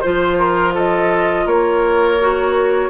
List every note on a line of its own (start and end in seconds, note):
0.00 1.45 F3
0.00 2.20 F4
0.00 0.72 C5
0.00 0.38 C5
0.38 0.74 A#4
0.74 1.46 A4
0.74 1.47 D#5
1.45 2.89 A#3
1.45 2.89 A#4
1.45 2.89 C#5
2.20 2.89 F#4